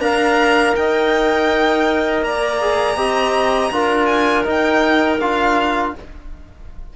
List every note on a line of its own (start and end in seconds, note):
0.00 0.74 D4
0.00 2.60 A#4
0.00 0.76 F5
0.00 0.75 A#5
0.76 2.23 D#4
0.76 2.26 D#5
0.76 2.24 G5
2.23 2.96 A#3
2.23 2.97 D5
2.23 4.06 A#5
2.61 2.97 G#4
2.96 3.71 C4
2.96 3.71 G4
2.96 3.71 D#5
3.72 4.46 D4
3.72 4.45 F4
3.72 5.95 A#4
4.06 4.43 G#5
4.45 5.19 D#4
4.45 5.20 D#4
4.45 5.21 G5
5.20 5.94 D4
5.20 5.96 F4
5.20 5.95 F5